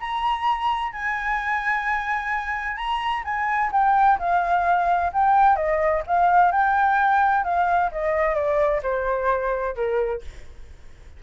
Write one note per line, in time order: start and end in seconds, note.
0.00 0.93 A#5
0.93 2.77 G#5
2.77 3.23 A#5
3.24 3.71 G#5
3.72 4.19 G5
4.19 5.12 F5
5.13 5.56 G5
5.56 6.03 D#5
6.07 6.52 F5
6.52 7.44 G5
7.44 7.91 F5
7.92 8.35 D#5
8.35 8.81 D5
8.83 9.75 C5
9.75 10.22 A#4